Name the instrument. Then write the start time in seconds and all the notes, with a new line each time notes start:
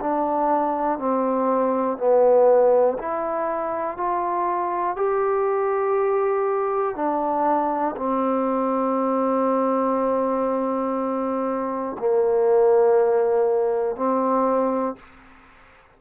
trombone
0.00 D4
0.98 C4
1.97 B3
2.98 E4
3.97 F4
4.96 G4
6.95 D4
7.97 C4
11.98 A#3
13.95 C4